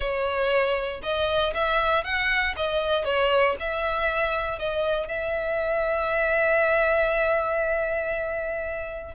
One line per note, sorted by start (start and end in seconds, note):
0.00 1.01 C#5
1.03 1.53 D#5
1.53 2.03 E5
2.03 2.54 F#5
2.56 3.05 D#5
3.05 3.55 C#5
3.59 4.58 E5
4.58 5.08 D#5
5.08 9.14 E5